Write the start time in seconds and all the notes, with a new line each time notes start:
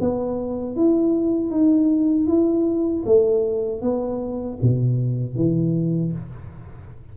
0.00 B3
0.76 E4
1.51 D#4
2.27 E4
3.06 A3
3.81 B3
4.62 B2
5.35 E3